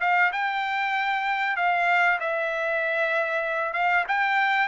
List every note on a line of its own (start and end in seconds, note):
0.00 0.31 F5
0.32 1.56 G5
1.56 2.18 F5
2.20 3.73 E5
3.73 4.04 F5
4.07 4.67 G5